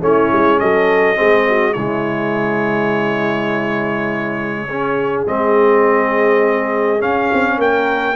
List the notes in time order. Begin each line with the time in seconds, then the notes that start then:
0.00 A3 C#4 E4 C#5
0.32 G#3
0.59 F#3 A4 D#5
1.15 G#3 C4 G#4
1.49 F#4
1.73 C#3 G#3 E4 C#5
4.67 C#4 G#4
5.26 G#3 C4 D#5
6.99 C#4 F5
7.32 C4
7.57 A#3 A#4 G5